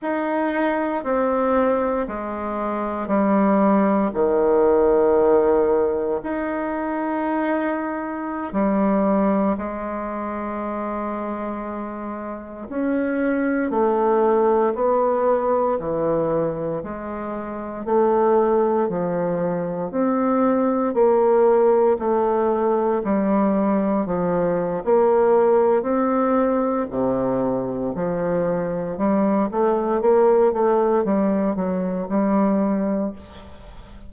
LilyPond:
\new Staff \with { instrumentName = "bassoon" } { \time 4/4 \tempo 4 = 58 dis'4 c'4 gis4 g4 | dis2 dis'2~ | dis'16 g4 gis2~ gis8.~ | gis16 cis'4 a4 b4 e8.~ |
e16 gis4 a4 f4 c'8.~ | c'16 ais4 a4 g4 f8. | ais4 c'4 c4 f4 | g8 a8 ais8 a8 g8 fis8 g4 | }